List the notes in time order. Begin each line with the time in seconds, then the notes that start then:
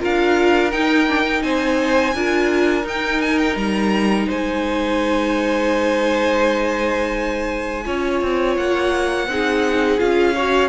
0.00 D4 F4 A#4 F5
0.72 D#4 G5
1.08 D4
1.25 D#4
1.43 C4 C5 G#5
2.15 D4 F4 A#4
2.83 D#4 G5
3.21 G#5
3.39 G5
3.56 G3 A#5
4.27 G#3 C5 G#5
7.85 C#4 F4 C#5
8.22 C4
8.57 A#3 F#5
9.28 C4 D#4 G#4
9.99 C#4 F4 F5
10.36 F#4 C#5